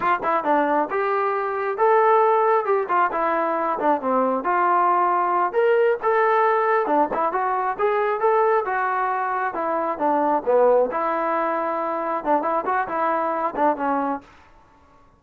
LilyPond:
\new Staff \with { instrumentName = "trombone" } { \time 4/4 \tempo 4 = 135 f'8 e'8 d'4 g'2 | a'2 g'8 f'8 e'4~ | e'8 d'8 c'4 f'2~ | f'8 ais'4 a'2 d'8 |
e'8 fis'4 gis'4 a'4 fis'8~ | fis'4. e'4 d'4 b8~ | b8 e'2. d'8 | e'8 fis'8 e'4. d'8 cis'4 | }